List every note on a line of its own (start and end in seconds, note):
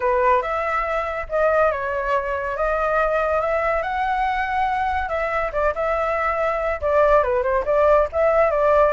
0.00 0.42 B4
0.42 1.27 E5
1.29 1.71 D#5
1.71 2.56 C#5
2.56 3.40 D#5
3.40 3.82 E5
3.82 5.09 F#5
5.09 5.51 E5
5.52 5.73 D5
5.74 6.81 E5
6.81 7.23 D5
7.23 7.43 B4
7.43 7.64 C5
7.65 8.07 D5
8.12 8.50 E5
8.50 8.93 D5